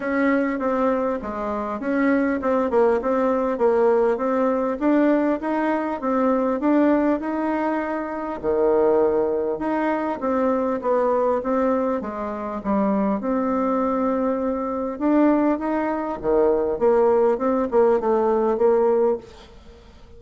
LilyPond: \new Staff \with { instrumentName = "bassoon" } { \time 4/4 \tempo 4 = 100 cis'4 c'4 gis4 cis'4 | c'8 ais8 c'4 ais4 c'4 | d'4 dis'4 c'4 d'4 | dis'2 dis2 |
dis'4 c'4 b4 c'4 | gis4 g4 c'2~ | c'4 d'4 dis'4 dis4 | ais4 c'8 ais8 a4 ais4 | }